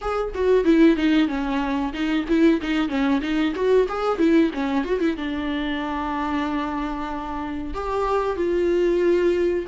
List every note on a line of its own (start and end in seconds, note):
0.01 0.33 G#4
0.34 0.64 F#4
0.64 0.96 E4
0.96 1.28 D#4
1.28 1.92 C#4
1.93 2.25 D#4
2.28 2.60 E4
2.61 2.88 D#4
2.88 3.21 C#4
3.21 3.53 D#4
3.55 3.87 F#4
3.88 4.18 G#4
4.18 4.50 E4
4.53 4.84 C#4
4.84 5.00 F#4
5.00 5.16 E4
5.16 7.74 D4
7.74 8.36 G4
8.36 9.65 F4